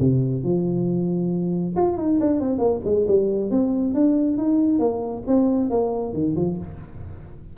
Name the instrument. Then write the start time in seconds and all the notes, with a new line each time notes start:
tuba
0.00 C3
0.44 F3
1.76 F4
1.98 D#4
2.20 D4
2.40 C4
2.59 A#3
2.85 G#3
3.08 G3
3.51 C4
3.94 D4
4.37 D#4
4.79 A#3
5.27 C4
5.71 A#3
6.14 D#3
6.36 F3